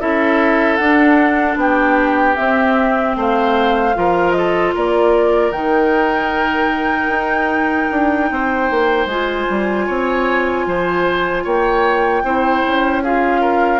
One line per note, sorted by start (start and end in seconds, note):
0.00 0.79 C#4
0.00 0.79 E4
0.00 1.58 A4
0.00 0.76 E5
0.76 1.56 D4
0.76 2.36 D4
0.76 1.55 F#5
1.56 2.35 B3
1.56 3.17 G4
1.56 2.36 G5
2.36 3.94 C4
2.36 3.16 C4
2.36 3.15 E5
3.16 3.95 A3
3.16 3.96 C5
3.16 4.32 F5
3.94 4.75 F3
3.94 5.52 F4
3.94 4.37 A#4
4.32 4.74 A4
4.32 4.71 D#5
4.74 5.52 A#3
4.74 8.29 A#4
4.74 5.52 D5
5.52 7.08 D#3
5.52 9.08 D#4
5.52 9.07 G5
7.08 7.87 D#4
7.91 8.31 D4
8.31 8.70 C4
8.31 9.86 C5
8.70 9.05 A#3
9.05 9.45 G#3
9.05 12.25 F4
9.05 11.46 G#5
9.49 9.88 G3
9.86 10.66 C4
9.86 10.65 C#5
10.66 11.45 F3
10.66 11.43 C5
11.43 12.23 A#3
11.43 12.22 C#5
11.43 13.04 G5
12.23 12.63 C4
12.23 13.04 E4
12.23 13.03 C5
12.66 13.79 C#4
13.03 13.79 F4
13.03 13.41 G#4
13.03 13.79 F5
13.41 13.79 A#4